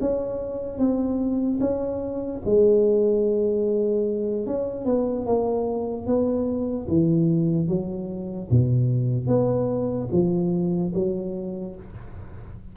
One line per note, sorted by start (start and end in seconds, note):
0.00 0.78 C#4
0.78 1.59 C4
1.60 2.41 C#4
2.45 4.46 G#3
4.46 4.85 C#4
4.85 5.26 B3
5.26 6.06 A#3
6.06 6.87 B3
6.88 7.67 E3
7.67 8.48 F#3
8.50 9.27 B2
9.27 10.08 B3
10.11 10.92 F3
10.94 11.75 F#3